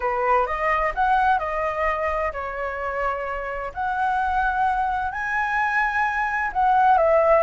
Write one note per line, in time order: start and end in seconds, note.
0.00 0.46 B4
0.46 0.92 D#5
0.95 1.38 F#5
1.38 2.32 D#5
2.32 3.71 C#5
3.73 5.11 F#5
5.11 6.51 G#5
6.52 6.97 F#5
6.97 7.42 E5